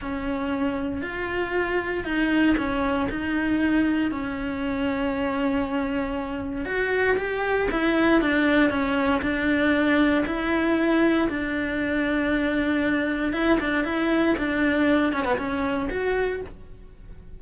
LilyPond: \new Staff \with { instrumentName = "cello" } { \time 4/4 \tempo 4 = 117 cis'2 f'2 | dis'4 cis'4 dis'2 | cis'1~ | cis'4 fis'4 g'4 e'4 |
d'4 cis'4 d'2 | e'2 d'2~ | d'2 e'8 d'8 e'4 | d'4. cis'16 b16 cis'4 fis'4 | }